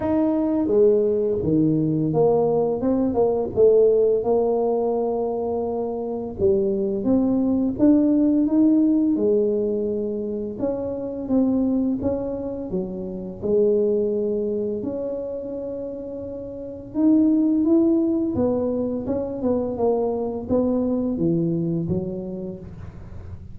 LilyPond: \new Staff \with { instrumentName = "tuba" } { \time 4/4 \tempo 4 = 85 dis'4 gis4 dis4 ais4 | c'8 ais8 a4 ais2~ | ais4 g4 c'4 d'4 | dis'4 gis2 cis'4 |
c'4 cis'4 fis4 gis4~ | gis4 cis'2. | dis'4 e'4 b4 cis'8 b8 | ais4 b4 e4 fis4 | }